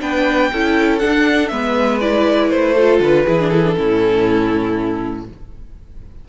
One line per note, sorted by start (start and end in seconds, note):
0.00 0.51 B3
0.00 0.50 D4
0.00 0.51 B4
0.00 0.98 G5
0.52 1.02 C#4
0.52 1.00 E4
0.52 1.52 A4
0.98 1.50 D4
0.98 1.48 F#5
1.05 1.51 D4
1.48 2.51 G#3
1.48 2.01 B3
1.48 2.74 B4
1.48 1.98 E5
2.00 2.76 E4
2.00 2.50 D5
2.50 3.00 A3
2.50 3.00 C5
2.74 3.27 F4
2.74 3.24 A4
3.00 3.25 D3
3.00 3.49 B4
3.25 3.78 E3
3.25 3.39 E4
3.25 3.75 G#4
3.39 3.52 D4
3.49 3.65 E4
3.49 5.24 A4
3.65 3.74 D4
3.74 5.29 A2
3.74 5.24 C#4
3.74 5.28 E4